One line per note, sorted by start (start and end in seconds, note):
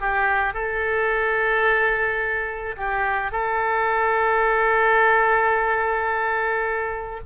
0.00 0.53 G4
0.53 2.76 A4
2.77 3.31 G4
3.31 7.20 A4